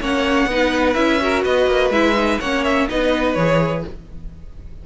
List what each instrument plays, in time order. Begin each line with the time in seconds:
0.00 cello A#3, viola C#4, violin C#5 F#5
0.46 cello B3, viola D#4, violin B4
0.94 cello C#4, viola E4, violin E5
1.21 viola F#4, violin A#4
1.44 cello B3, violin B4 D#5
1.67 cello A#3
1.90 cello G#3, viola E4, violin E5
2.15 viola D#4
2.40 cello A#3, viola C#4, violin C#5 F#5
2.64 violin E5
2.89 cello B3, viola D#4, violin B4 D#5
3.34 cello E3, viola G#4, violin C#5